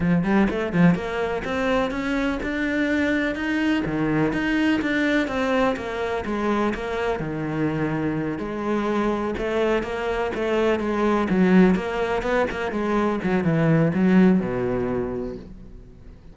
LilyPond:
\new Staff \with { instrumentName = "cello" } { \time 4/4 \tempo 4 = 125 f8 g8 a8 f8 ais4 c'4 | cis'4 d'2 dis'4 | dis4 dis'4 d'4 c'4 | ais4 gis4 ais4 dis4~ |
dis4. gis2 a8~ | a8 ais4 a4 gis4 fis8~ | fis8 ais4 b8 ais8 gis4 fis8 | e4 fis4 b,2 | }